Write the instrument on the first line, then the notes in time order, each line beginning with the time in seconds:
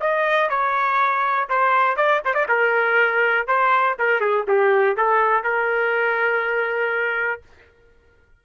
trumpet
0.00 D#5
0.50 C#5
1.49 C5
1.96 D5
2.25 C5
2.34 D5
2.49 A#4
3.47 C5
3.98 A#4
4.20 G#4
4.48 G4
4.97 A4
5.44 A#4